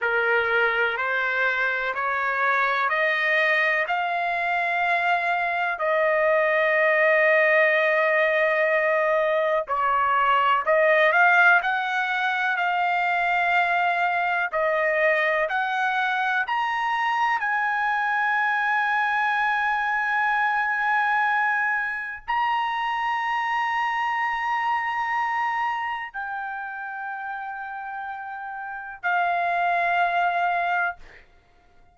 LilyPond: \new Staff \with { instrumentName = "trumpet" } { \time 4/4 \tempo 4 = 62 ais'4 c''4 cis''4 dis''4 | f''2 dis''2~ | dis''2 cis''4 dis''8 f''8 | fis''4 f''2 dis''4 |
fis''4 ais''4 gis''2~ | gis''2. ais''4~ | ais''2. g''4~ | g''2 f''2 | }